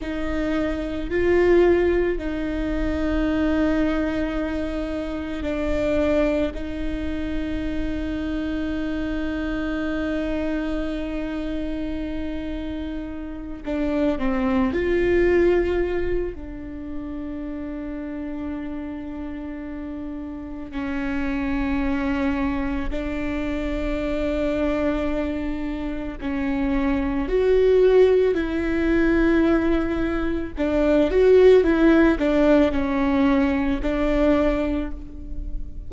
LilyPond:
\new Staff \with { instrumentName = "viola" } { \time 4/4 \tempo 4 = 55 dis'4 f'4 dis'2~ | dis'4 d'4 dis'2~ | dis'1~ | dis'8 d'8 c'8 f'4. d'4~ |
d'2. cis'4~ | cis'4 d'2. | cis'4 fis'4 e'2 | d'8 fis'8 e'8 d'8 cis'4 d'4 | }